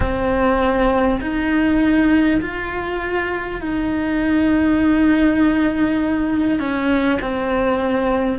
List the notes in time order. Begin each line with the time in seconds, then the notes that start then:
0.00 C4
1.21 D#4
2.41 F4
3.60 D#4
6.59 C#4
7.21 C4